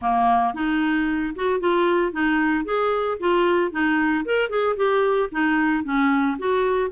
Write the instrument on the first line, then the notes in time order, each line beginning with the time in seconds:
clarinet
0.01 A#3
0.54 D#4
1.35 F#4
1.60 F4
2.12 D#4
2.64 G#4
3.19 F4
3.71 D#4
4.25 A#4
4.49 G#4
4.76 G4
5.31 D#4
5.84 C#4
6.38 F#4